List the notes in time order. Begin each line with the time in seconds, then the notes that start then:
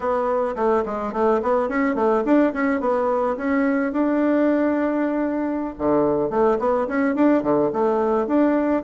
0.00 B3
0.55 A3
0.85 G#3
1.12 A3
1.42 B3
1.68 C#4
1.95 A3
2.25 D4
2.53 C#4
2.80 B3
3.36 C#4
3.92 D4
5.78 D3
6.30 A3
6.59 B3
6.87 C#4
7.15 D4
7.42 D3
7.72 A3
8.27 D4